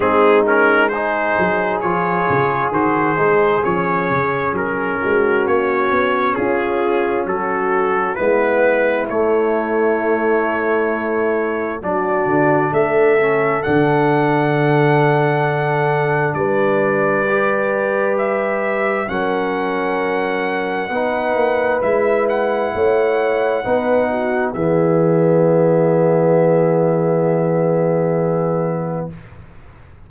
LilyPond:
<<
  \new Staff \with { instrumentName = "trumpet" } { \time 4/4 \tempo 4 = 66 gis'8 ais'8 c''4 cis''4 c''4 | cis''4 ais'4 cis''4 gis'4 | a'4 b'4 cis''2~ | cis''4 d''4 e''4 fis''4~ |
fis''2 d''2 | e''4 fis''2. | e''8 fis''2~ fis''8 e''4~ | e''1 | }
  \new Staff \with { instrumentName = "horn" } { \time 4/4 dis'4 gis'2.~ | gis'4. fis'4. f'4 | fis'4 e'2.~ | e'4 fis'4 a'2~ |
a'2 b'2~ | b'4 ais'2 b'4~ | b'4 cis''4 b'8 fis'8 gis'4~ | gis'1 | }
  \new Staff \with { instrumentName = "trombone" } { \time 4/4 c'8 cis'8 dis'4 f'4 fis'8 dis'8 | cis'1~ | cis'4 b4 a2~ | a4 d'4. cis'8 d'4~ |
d'2. g'4~ | g'4 cis'2 dis'4 | e'2 dis'4 b4~ | b1 | }
  \new Staff \with { instrumentName = "tuba" } { \time 4/4 gis4. fis8 f8 cis8 dis8 gis8 | f8 cis8 fis8 gis8 ais8 b8 cis'4 | fis4 gis4 a2~ | a4 fis8 d8 a4 d4~ |
d2 g2~ | g4 fis2 b8 ais8 | gis4 a4 b4 e4~ | e1 | }
>>